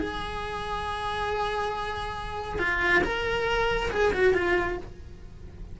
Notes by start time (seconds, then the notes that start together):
0.00 G#4
2.59 F4
3.03 A#4
3.91 G#4
4.13 F#4
4.34 F4